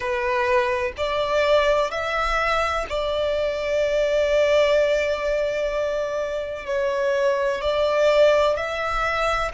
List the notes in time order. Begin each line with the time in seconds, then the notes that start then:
0.00 B4
0.97 D5
1.90 E5
2.89 D5
6.66 C#5
7.61 D5
8.56 E5